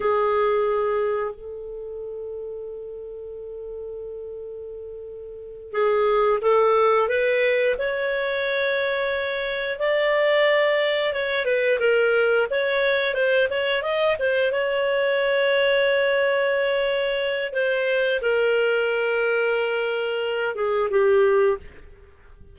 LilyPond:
\new Staff \with { instrumentName = "clarinet" } { \time 4/4 \tempo 4 = 89 gis'2 a'2~ | a'1~ | a'8 gis'4 a'4 b'4 cis''8~ | cis''2~ cis''8 d''4.~ |
d''8 cis''8 b'8 ais'4 cis''4 c''8 | cis''8 dis''8 c''8 cis''2~ cis''8~ | cis''2 c''4 ais'4~ | ais'2~ ais'8 gis'8 g'4 | }